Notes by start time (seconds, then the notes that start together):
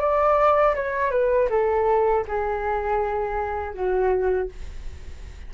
0.00 D5
0.76 C#5
1.11 B4
1.50 A4
2.28 G#4
3.74 F#4